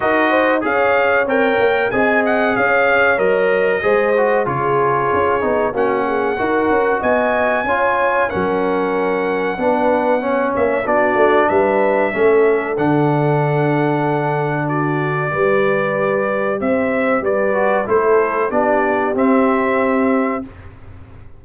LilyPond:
<<
  \new Staff \with { instrumentName = "trumpet" } { \time 4/4 \tempo 4 = 94 dis''4 f''4 g''4 gis''8 fis''8 | f''4 dis''2 cis''4~ | cis''4 fis''2 gis''4~ | gis''4 fis''2.~ |
fis''8 e''8 d''4 e''2 | fis''2. d''4~ | d''2 e''4 d''4 | c''4 d''4 e''2 | }
  \new Staff \with { instrumentName = "horn" } { \time 4/4 ais'8 c''8 cis''2 dis''4 | cis''2 c''4 gis'4~ | gis'4 fis'8 gis'8 ais'4 dis''4 | cis''4 ais'2 b'4 |
cis''4 fis'4 b'4 a'4~ | a'2. fis'4 | b'2 c''4 b'4 | a'4 g'2. | }
  \new Staff \with { instrumentName = "trombone" } { \time 4/4 fis'4 gis'4 ais'4 gis'4~ | gis'4 ais'4 gis'8 fis'8 f'4~ | f'8 dis'8 cis'4 fis'2 | f'4 cis'2 d'4 |
cis'4 d'2 cis'4 | d'1 | g'2.~ g'8 fis'8 | e'4 d'4 c'2 | }
  \new Staff \with { instrumentName = "tuba" } { \time 4/4 dis'4 cis'4 c'8 ais8 c'4 | cis'4 fis4 gis4 cis4 | cis'8 b8 ais4 dis'8 cis'8 b4 | cis'4 fis2 b4~ |
b8 ais8 b8 a8 g4 a4 | d1 | g2 c'4 g4 | a4 b4 c'2 | }
>>